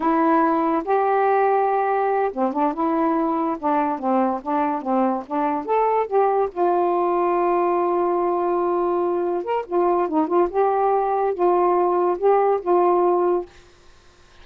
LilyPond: \new Staff \with { instrumentName = "saxophone" } { \time 4/4 \tempo 4 = 143 e'2 g'2~ | g'4. c'8 d'8 e'4.~ | e'8 d'4 c'4 d'4 c'8~ | c'8 d'4 a'4 g'4 f'8~ |
f'1~ | f'2~ f'8 ais'8 f'4 | dis'8 f'8 g'2 f'4~ | f'4 g'4 f'2 | }